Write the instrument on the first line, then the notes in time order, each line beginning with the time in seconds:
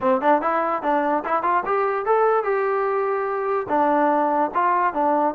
trombone
0.00 C4
0.21 D4
0.41 E4
0.82 D4
1.24 E4
1.43 F4
1.65 G4
2.05 A4
2.43 G4
3.68 D4
4.54 F4
4.93 D4